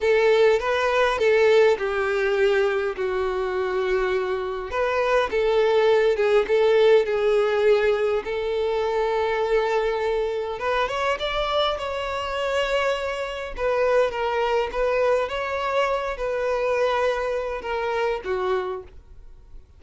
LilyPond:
\new Staff \with { instrumentName = "violin" } { \time 4/4 \tempo 4 = 102 a'4 b'4 a'4 g'4~ | g'4 fis'2. | b'4 a'4. gis'8 a'4 | gis'2 a'2~ |
a'2 b'8 cis''8 d''4 | cis''2. b'4 | ais'4 b'4 cis''4. b'8~ | b'2 ais'4 fis'4 | }